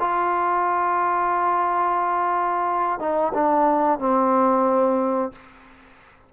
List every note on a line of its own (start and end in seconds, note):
0.00 2.99 F4
2.99 3.33 D#4
3.34 3.99 D4
3.99 5.32 C4